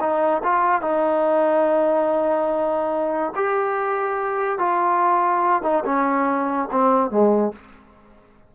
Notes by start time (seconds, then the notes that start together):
0.00 D#4
0.43 F4
0.81 D#4
3.35 G4
4.58 F4
5.62 D#4
5.85 C#4
6.71 C4
7.10 G#3